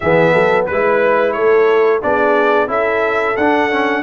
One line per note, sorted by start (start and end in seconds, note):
0.00 0.34 E3
0.00 0.72 B3
0.00 0.32 G#4
0.00 0.65 E5
0.32 0.68 F#3
0.32 0.66 A4
0.65 1.35 G#3
0.65 1.32 B4
0.65 1.35 B4
0.72 2.02 E4
1.32 2.03 A3
1.32 2.02 A4
1.32 1.99 C#5
2.02 2.67 B3
2.02 2.67 D4
2.02 2.68 G#4
2.02 2.70 D5
2.67 3.35 C#4
2.67 3.35 E4
2.67 4.03 A4
2.67 3.36 E5
3.36 4.03 D4
3.36 3.71 D4
3.36 4.03 F#5
3.71 4.03 C#4